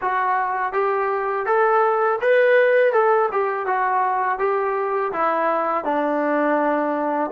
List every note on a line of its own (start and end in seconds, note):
0.01 0.73 F#4
0.73 1.46 G4
1.46 2.19 A4
2.21 2.92 B4
2.92 3.29 A4
3.31 3.66 G4
3.66 4.38 F#4
4.38 5.12 G4
5.12 5.84 E4
5.84 7.30 D4